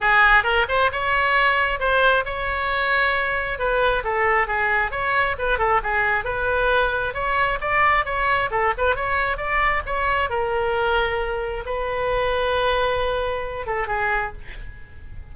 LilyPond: \new Staff \with { instrumentName = "oboe" } { \time 4/4 \tempo 4 = 134 gis'4 ais'8 c''8 cis''2 | c''4 cis''2. | b'4 a'4 gis'4 cis''4 | b'8 a'8 gis'4 b'2 |
cis''4 d''4 cis''4 a'8 b'8 | cis''4 d''4 cis''4 ais'4~ | ais'2 b'2~ | b'2~ b'8 a'8 gis'4 | }